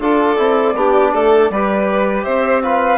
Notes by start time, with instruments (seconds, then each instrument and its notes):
0.00 bassoon D4, trombone F4, violin A4, flute D5
0.37 bassoon C4, trombone E4
0.75 bassoon B3, trombone D4, violin G4
1.15 bassoon A3, violin A4
1.50 bassoon G3, trombone G4, violin B4
2.24 bassoon C4, violin C5, flute E5
2.64 trombone F4, violin B4, flute F5